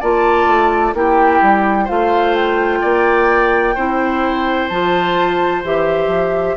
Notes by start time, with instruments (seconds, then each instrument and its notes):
0.00 bassoon A#3, clarinet F4, oboe D5, flute A5
0.46 bassoon A3
0.94 bassoon A#3, clarinet E4, oboe G4, flute G5
1.42 bassoon G3
1.84 bassoon A3, clarinet F4, oboe C5, flute F5
2.35 flute G5
2.81 bassoon A#3, oboe D5
3.75 bassoon C4, clarinet E4, oboe C5
4.68 bassoon F3, clarinet F4, flute A5
5.63 bassoon E3, clarinet G4, flute E5
6.07 bassoon F3